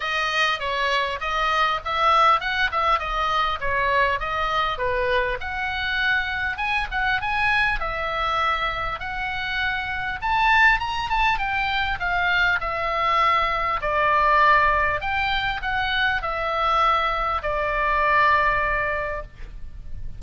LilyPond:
\new Staff \with { instrumentName = "oboe" } { \time 4/4 \tempo 4 = 100 dis''4 cis''4 dis''4 e''4 | fis''8 e''8 dis''4 cis''4 dis''4 | b'4 fis''2 gis''8 fis''8 | gis''4 e''2 fis''4~ |
fis''4 a''4 ais''8 a''8 g''4 | f''4 e''2 d''4~ | d''4 g''4 fis''4 e''4~ | e''4 d''2. | }